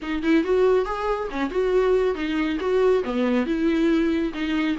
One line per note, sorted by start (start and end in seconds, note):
0.02 0.23 D#4
0.23 0.44 E4
0.44 0.85 F#4
0.85 1.28 G#4
1.31 1.50 C#4
1.50 2.14 F#4
2.14 2.58 D#4
2.59 3.03 F#4
3.04 3.46 B3
3.46 4.32 E4
4.33 4.76 D#4